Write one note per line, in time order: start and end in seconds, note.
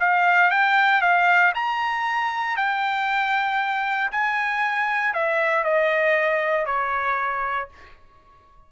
0.00 0.51 F5
0.51 1.02 G5
1.02 1.53 F5
1.55 2.57 A#5
2.57 4.11 G5
4.11 5.14 G#5
5.14 5.64 E5
5.64 6.66 D#5
6.66 7.69 C#5